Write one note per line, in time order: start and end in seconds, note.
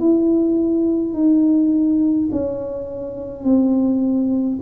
0.00 1.14 E4
1.14 2.29 D#4
2.31 3.44 C#4
3.44 4.59 C4